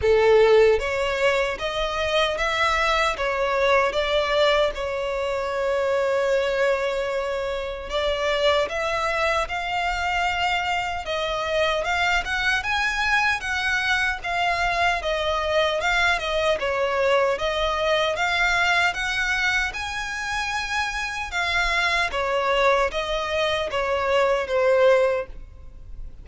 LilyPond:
\new Staff \with { instrumentName = "violin" } { \time 4/4 \tempo 4 = 76 a'4 cis''4 dis''4 e''4 | cis''4 d''4 cis''2~ | cis''2 d''4 e''4 | f''2 dis''4 f''8 fis''8 |
gis''4 fis''4 f''4 dis''4 | f''8 dis''8 cis''4 dis''4 f''4 | fis''4 gis''2 f''4 | cis''4 dis''4 cis''4 c''4 | }